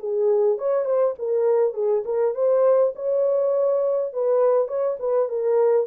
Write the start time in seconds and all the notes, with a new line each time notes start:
0.00 G#4
0.59 C#5
0.86 C5
1.19 A#4
1.74 G#4
2.05 A#4
2.35 C5
2.96 C#5
4.13 B4
4.68 C#5
5.00 B4
5.29 A#4